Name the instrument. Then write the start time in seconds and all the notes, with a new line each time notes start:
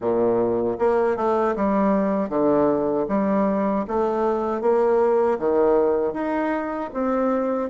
bassoon
0.00 A#2
0.78 A#3
1.16 A3
1.56 G3
2.29 D3
3.08 G3
3.87 A3
4.61 A#3
5.38 D#3
6.13 D#4
6.93 C4